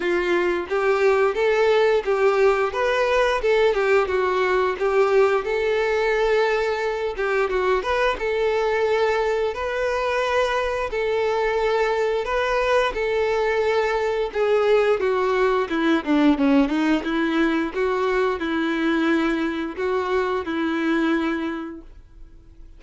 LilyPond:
\new Staff \with { instrumentName = "violin" } { \time 4/4 \tempo 4 = 88 f'4 g'4 a'4 g'4 | b'4 a'8 g'8 fis'4 g'4 | a'2~ a'8 g'8 fis'8 b'8 | a'2 b'2 |
a'2 b'4 a'4~ | a'4 gis'4 fis'4 e'8 d'8 | cis'8 dis'8 e'4 fis'4 e'4~ | e'4 fis'4 e'2 | }